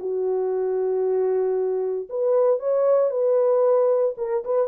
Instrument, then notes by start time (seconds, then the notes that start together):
horn
0.00 F#4
2.09 B4
2.59 C#5
3.11 B4
4.18 A#4
4.45 B4